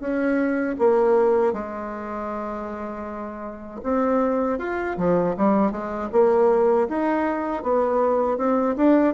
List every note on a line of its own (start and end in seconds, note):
0.00 0.76 C#4
0.79 1.53 A#3
1.53 3.81 G#3
3.83 4.59 C4
4.59 4.97 F4
4.97 5.35 F3
5.37 5.71 G3
5.71 6.09 G#3
6.12 6.88 A#3
6.88 7.63 D#4
7.63 8.38 B3
8.38 8.75 C4
8.77 9.14 D4